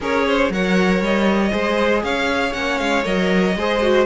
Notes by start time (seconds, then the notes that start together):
0.01 C#4 G#4 A#4 C#5
0.26 C5
0.49 F#3 A#4 C#5 F#5
1.00 G3 D#5
1.51 G#3 G#4 C5
2.03 C#4 C#5 F5
2.52 A#3 C#4 F#5
2.78 G#3 F5
3.03 F#3 A#4 D#5
3.55 G#3 G#4 C5
3.81 F#4